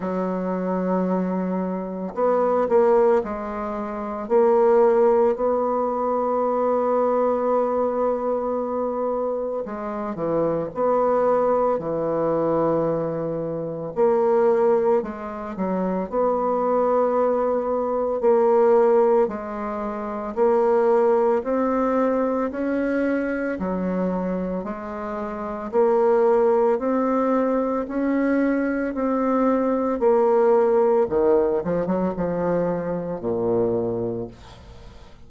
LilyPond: \new Staff \with { instrumentName = "bassoon" } { \time 4/4 \tempo 4 = 56 fis2 b8 ais8 gis4 | ais4 b2.~ | b4 gis8 e8 b4 e4~ | e4 ais4 gis8 fis8 b4~ |
b4 ais4 gis4 ais4 | c'4 cis'4 fis4 gis4 | ais4 c'4 cis'4 c'4 | ais4 dis8 f16 fis16 f4 ais,4 | }